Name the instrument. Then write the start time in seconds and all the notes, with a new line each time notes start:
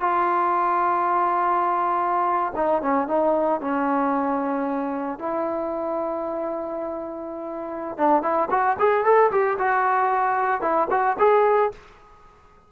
trombone
0.00 F4
2.55 D#4
2.82 C#4
3.07 D#4
3.61 C#4
5.18 E4
7.97 D4
8.22 E4
8.50 F#4
8.79 G#4
9.04 A4
9.31 G4
9.58 F#4
10.61 E4
10.90 F#4
11.18 G#4